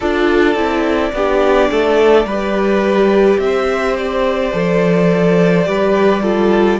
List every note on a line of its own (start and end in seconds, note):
0.00 0.55 D4
0.00 0.56 F4
0.00 1.10 A4
0.00 3.39 D5
0.55 1.12 C4
0.55 1.12 E4
1.12 1.69 B3
1.12 2.27 D4
1.12 1.71 G4
1.71 2.24 A3
1.71 2.25 A4
2.24 3.37 G3
2.24 4.52 G4
2.24 3.39 B4
3.38 4.51 C4
3.38 3.96 E5
3.44 5.68 C5
3.97 6.79 D5
4.52 5.67 F3
4.52 5.64 A4
5.64 6.79 G3
5.64 6.21 G4
5.64 6.22 B4
6.22 6.79 F4
6.22 6.79 A4